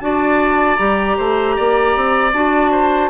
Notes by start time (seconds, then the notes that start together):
0.00 D4 F#4 D5 A5
0.77 G3 G4 A#5
1.17 A3 C5
1.56 A#3 D5
1.96 C4
2.33 D4 F#4 A5
2.72 C5